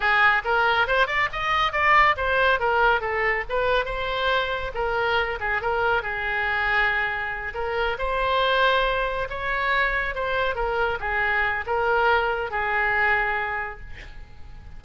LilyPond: \new Staff \with { instrumentName = "oboe" } { \time 4/4 \tempo 4 = 139 gis'4 ais'4 c''8 d''8 dis''4 | d''4 c''4 ais'4 a'4 | b'4 c''2 ais'4~ | ais'8 gis'8 ais'4 gis'2~ |
gis'4. ais'4 c''4.~ | c''4. cis''2 c''8~ | c''8 ais'4 gis'4. ais'4~ | ais'4 gis'2. | }